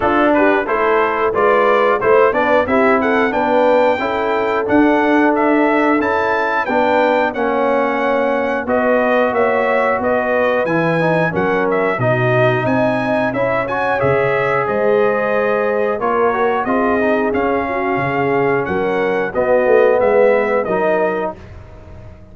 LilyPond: <<
  \new Staff \with { instrumentName = "trumpet" } { \time 4/4 \tempo 4 = 90 a'8 b'8 c''4 d''4 c''8 d''8 | e''8 fis''8 g''2 fis''4 | e''4 a''4 g''4 fis''4~ | fis''4 dis''4 e''4 dis''4 |
gis''4 fis''8 e''8 dis''4 gis''4 | e''8 gis''8 e''4 dis''2 | cis''4 dis''4 f''2 | fis''4 dis''4 e''4 dis''4 | }
  \new Staff \with { instrumentName = "horn" } { \time 4/4 f'8 g'8 a'4 b'4 c''8 b'8 | g'8 a'8 b'4 a'2~ | a'2 b'4 cis''4~ | cis''4 b'4 cis''4 b'4~ |
b'4 ais'4 fis'4 dis''4 | cis''2 c''2 | ais'4 gis'4. fis'8 gis'4 | ais'4 fis'4 b'4 ais'4 | }
  \new Staff \with { instrumentName = "trombone" } { \time 4/4 d'4 e'4 f'4 e'8 d'8 | e'4 d'4 e'4 d'4~ | d'4 e'4 d'4 cis'4~ | cis'4 fis'2. |
e'8 dis'8 cis'4 dis'2 | e'8 fis'8 gis'2. | f'8 fis'8 f'8 dis'8 cis'2~ | cis'4 b2 dis'4 | }
  \new Staff \with { instrumentName = "tuba" } { \time 4/4 d'4 a4 gis4 a8 b8 | c'4 b4 cis'4 d'4~ | d'4 cis'4 b4 ais4~ | ais4 b4 ais4 b4 |
e4 fis4 b,4 c'4 | cis'4 cis4 gis2 | ais4 c'4 cis'4 cis4 | fis4 b8 a8 gis4 fis4 | }
>>